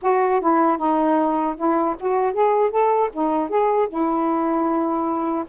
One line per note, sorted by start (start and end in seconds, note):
0.02 0.40 F#4
0.40 0.77 E4
0.77 1.55 D#4
1.56 1.95 E4
1.99 2.33 F#4
2.33 2.70 G#4
2.70 3.09 A4
3.12 3.49 D#4
3.49 3.87 G#4
3.88 5.44 E4